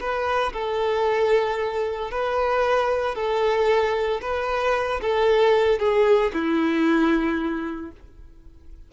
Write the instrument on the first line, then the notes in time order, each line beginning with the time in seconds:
violin
0.00 B4
0.53 A4
2.11 B4
3.15 A4
4.21 B4
5.01 A4
5.79 G#4
6.33 E4